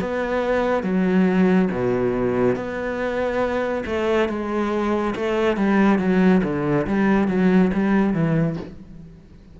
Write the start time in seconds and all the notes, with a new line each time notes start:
0.00 B3
0.83 F#3
1.71 B2
2.55 B3
3.86 A3
4.29 G#3
5.15 A3
5.57 G3
5.99 F#3
6.43 D3
6.86 G3
7.28 F#3
7.73 G3
8.14 E3